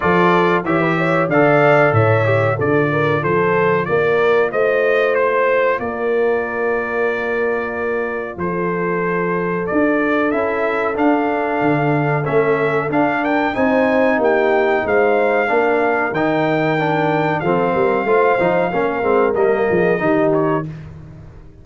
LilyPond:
<<
  \new Staff \with { instrumentName = "trumpet" } { \time 4/4 \tempo 4 = 93 d''4 e''4 f''4 e''4 | d''4 c''4 d''4 dis''4 | c''4 d''2.~ | d''4 c''2 d''4 |
e''4 f''2 e''4 | f''8 g''8 gis''4 g''4 f''4~ | f''4 g''2 f''4~ | f''2 dis''4. cis''8 | }
  \new Staff \with { instrumentName = "horn" } { \time 4/4 a'4 cis''16 b'16 cis''8 d''4 cis''4 | a'8 ais'8 a'4 ais'4 c''4~ | c''4 ais'2.~ | ais'4 a'2.~ |
a'1~ | a'8 ais'8 c''4 g'4 c''4 | ais'2. a'8 ais'8 | c''4 ais'4. gis'8 g'4 | }
  \new Staff \with { instrumentName = "trombone" } { \time 4/4 f'4 g'4 a'4. g'8 | f'1~ | f'1~ | f'1 |
e'4 d'2 cis'4 | d'4 dis'2. | d'4 dis'4 d'4 c'4 | f'8 dis'8 cis'8 c'8 ais4 dis'4 | }
  \new Staff \with { instrumentName = "tuba" } { \time 4/4 f4 e4 d4 a,4 | d4 f4 ais4 a4~ | a4 ais2.~ | ais4 f2 d'4 |
cis'4 d'4 d4 a4 | d'4 c'4 ais4 gis4 | ais4 dis2 f8 g8 | a8 f8 ais8 gis8 g8 f8 dis4 | }
>>